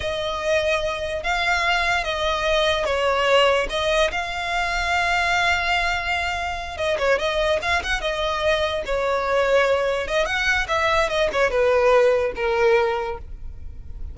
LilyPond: \new Staff \with { instrumentName = "violin" } { \time 4/4 \tempo 4 = 146 dis''2. f''4~ | f''4 dis''2 cis''4~ | cis''4 dis''4 f''2~ | f''1~ |
f''8 dis''8 cis''8 dis''4 f''8 fis''8 dis''8~ | dis''4. cis''2~ cis''8~ | cis''8 dis''8 fis''4 e''4 dis''8 cis''8 | b'2 ais'2 | }